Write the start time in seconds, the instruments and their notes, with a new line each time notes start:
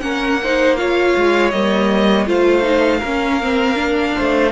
0.00 cello A#3, viola C#4, violin A#4 F#5
0.43 viola D#4, violin C5
0.76 viola F4, violin C#5 F5
1.16 cello G#3
1.50 cello G3, viola A#3, violin D#5
2.26 cello A3, viola F4, violin C5 F5
2.62 viola D#4
2.99 cello A#3, viola C#4, violin A#4
3.41 viola C4
3.75 viola D4
4.15 cello A3, violin C5